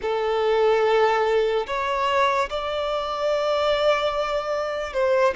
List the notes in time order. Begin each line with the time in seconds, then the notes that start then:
0.02 A4
1.67 C#5
2.49 D5
4.93 C5